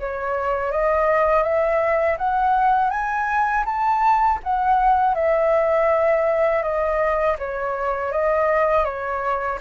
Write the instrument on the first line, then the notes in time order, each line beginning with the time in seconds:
flute
0.00 C#5
0.71 D#5
1.43 E5
2.18 F#5
2.91 G#5
3.66 A5
4.44 F#5
5.15 E5
6.63 D#5
7.39 C#5
8.12 D#5
8.85 C#5